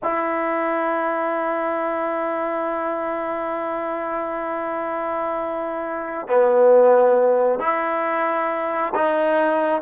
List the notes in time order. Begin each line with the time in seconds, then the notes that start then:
0.03 E4
6.27 B3
7.59 E4
8.94 D#4